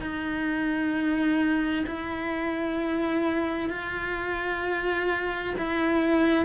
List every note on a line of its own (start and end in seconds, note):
0.00 1.85 D#4
1.86 3.70 E4
3.70 5.54 F4
5.58 6.45 E4